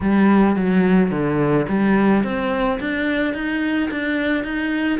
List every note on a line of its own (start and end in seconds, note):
0.01 0.56 G3
0.56 1.10 F#3
1.10 1.66 D3
1.68 2.23 G3
2.23 2.79 C4
2.80 3.34 D4
3.34 3.89 D#4
3.90 4.43 D4
4.43 4.99 D#4